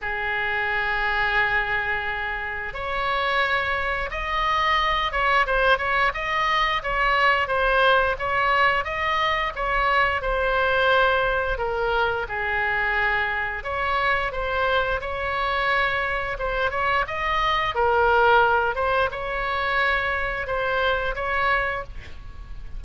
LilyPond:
\new Staff \with { instrumentName = "oboe" } { \time 4/4 \tempo 4 = 88 gis'1 | cis''2 dis''4. cis''8 | c''8 cis''8 dis''4 cis''4 c''4 | cis''4 dis''4 cis''4 c''4~ |
c''4 ais'4 gis'2 | cis''4 c''4 cis''2 | c''8 cis''8 dis''4 ais'4. c''8 | cis''2 c''4 cis''4 | }